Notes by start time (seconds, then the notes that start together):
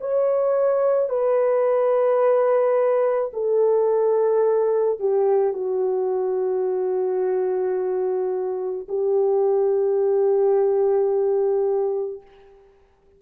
0.00 C#5
1.09 B4
3.33 A4
4.99 G4
5.53 F#4
8.88 G4